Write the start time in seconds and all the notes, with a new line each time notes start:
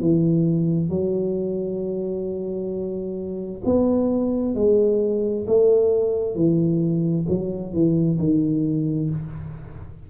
0.00 E3
0.89 F#3
3.64 B3
4.55 G#3
5.47 A3
6.35 E3
7.29 F#3
7.73 E3
8.19 D#3